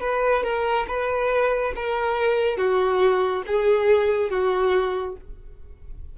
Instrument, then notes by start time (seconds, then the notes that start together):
violin
0.00 B4
0.43 A#4
0.87 B4
1.75 A#4
2.57 F#4
3.46 G#4
4.30 F#4